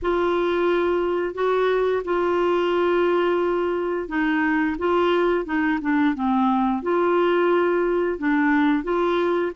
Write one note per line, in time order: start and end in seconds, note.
0.02 1.34 F4
1.34 2.02 F#4
2.04 4.08 F4
4.08 4.76 D#4
4.78 5.45 F4
5.45 5.79 D#4
5.81 6.14 D4
6.14 6.82 C4
6.82 8.18 F4
8.18 8.83 D4
8.83 9.51 F4